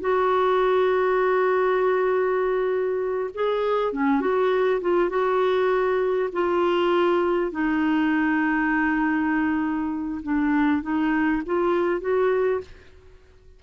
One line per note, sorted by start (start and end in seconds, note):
0.00 3.30 F#4
3.34 3.92 G#4
3.92 4.20 C#4
4.20 4.80 F#4
4.81 5.09 F4
5.09 6.29 F#4
6.32 7.51 F4
7.51 10.21 D#4
10.23 10.82 D4
10.82 11.42 D#4
11.46 12.00 F4
12.00 12.60 F#4